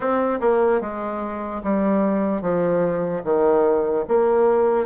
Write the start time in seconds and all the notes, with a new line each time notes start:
0.00 C4
0.40 A#3
0.81 G#3
1.63 G3
2.41 F3
3.24 D#3
4.08 A#3